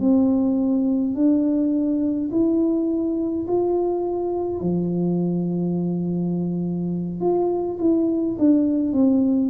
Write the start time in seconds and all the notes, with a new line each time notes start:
0.00 C4
1.15 D4
2.31 E4
3.48 F4
4.61 F3
7.21 F4
7.79 E4
8.39 D4
8.93 C4